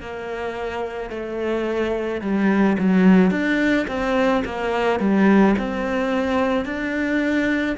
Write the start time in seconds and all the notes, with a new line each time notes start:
0.00 A#3
1.10 A3
2.21 G3
2.78 F#3
3.30 D4
3.87 C4
4.44 A#3
4.99 G3
5.58 C4
6.65 D4